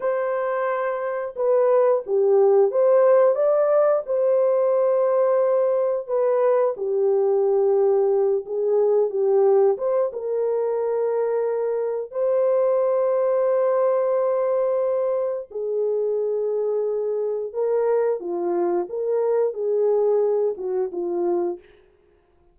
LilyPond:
\new Staff \with { instrumentName = "horn" } { \time 4/4 \tempo 4 = 89 c''2 b'4 g'4 | c''4 d''4 c''2~ | c''4 b'4 g'2~ | g'8 gis'4 g'4 c''8 ais'4~ |
ais'2 c''2~ | c''2. gis'4~ | gis'2 ais'4 f'4 | ais'4 gis'4. fis'8 f'4 | }